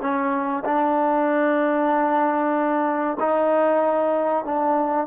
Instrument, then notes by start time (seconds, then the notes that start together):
trombone
0.00 C#4
0.65 D4
3.20 D#4
4.44 D4